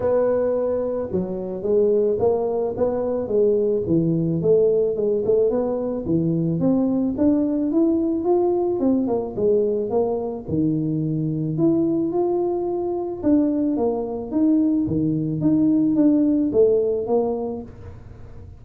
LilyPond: \new Staff \with { instrumentName = "tuba" } { \time 4/4 \tempo 4 = 109 b2 fis4 gis4 | ais4 b4 gis4 e4 | a4 gis8 a8 b4 e4 | c'4 d'4 e'4 f'4 |
c'8 ais8 gis4 ais4 dis4~ | dis4 e'4 f'2 | d'4 ais4 dis'4 dis4 | dis'4 d'4 a4 ais4 | }